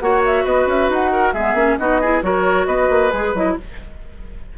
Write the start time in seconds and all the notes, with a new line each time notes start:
0.00 A#3 F#4 C#5 F#5
0.26 E5
0.44 B3 B4 D#5
0.67 C#4 E5
0.89 D#4 F#5
1.12 A#4
1.33 G#3 B3 G#4 E5
1.54 A#3 C#4
1.78 B3 D#4 F#4 D#5
2.01 E4 G#4
2.22 F#3 F#4 A#4 C#5
2.66 B3 B4 D#5
2.90 A#3
3.10 G#3 G#4
3.34 F#3 E4 D#5